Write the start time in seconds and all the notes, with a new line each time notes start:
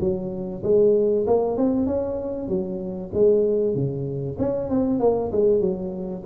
0.00 F#3
0.63 G#3
1.27 A#3
1.57 C4
1.86 C#4
2.48 F#3
3.14 G#3
3.75 C#3
4.39 C#4
4.70 C4
5.00 A#3
5.32 G#3
5.61 F#3